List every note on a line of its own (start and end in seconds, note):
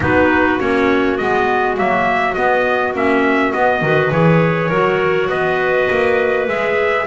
0.00 0.59 B3
0.00 0.59 D#4
0.00 3.84 F#4
0.00 0.59 B4
0.59 1.19 A#3
0.59 1.18 C#4
0.59 1.17 C#5
1.17 1.77 G#3
1.17 1.76 B3
1.17 1.76 D#5
1.76 2.36 F#3
1.76 2.34 A#3
1.76 2.34 E5
2.34 2.94 B3
2.34 2.93 B3
2.34 2.93 D#5
2.93 3.52 A#3
2.93 3.53 C#4
2.93 3.53 E5
3.53 3.82 B3
3.53 3.81 B3
3.53 4.11 D#5
3.81 4.10 D#3
3.81 4.11 F#4
3.81 4.69 B4
4.11 4.70 E3
4.11 4.70 G#4
4.11 5.29 C#5
4.69 5.29 F#3
4.69 6.48 F#4
4.69 5.28 A#4
5.28 5.88 B3
5.28 7.05 B4
5.28 6.46 D#5
5.90 6.47 A#3
6.47 7.06 G#3
6.47 7.06 G#4
6.47 7.06 E5